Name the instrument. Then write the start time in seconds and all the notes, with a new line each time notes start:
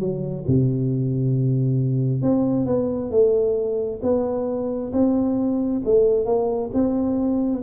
tuba
0.00 F#3
0.47 C3
2.22 C4
2.66 B3
3.11 A3
4.03 B3
4.93 C4
5.85 A3
6.26 A#3
6.74 C4